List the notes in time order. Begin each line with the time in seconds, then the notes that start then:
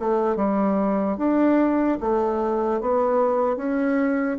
0.00 A3
0.36 G3
1.18 D4
2.01 A3
2.81 B3
3.57 C#4